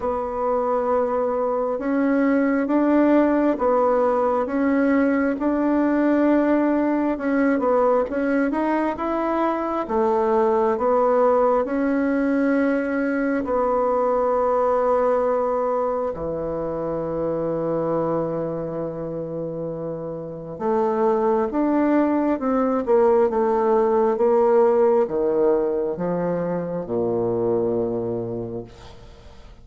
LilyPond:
\new Staff \with { instrumentName = "bassoon" } { \time 4/4 \tempo 4 = 67 b2 cis'4 d'4 | b4 cis'4 d'2 | cis'8 b8 cis'8 dis'8 e'4 a4 | b4 cis'2 b4~ |
b2 e2~ | e2. a4 | d'4 c'8 ais8 a4 ais4 | dis4 f4 ais,2 | }